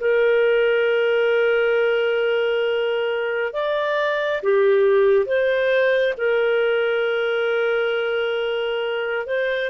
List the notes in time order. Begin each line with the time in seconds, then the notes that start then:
0.00 A#4
3.53 D5
4.42 G4
5.25 C5
6.17 A#4
9.26 C5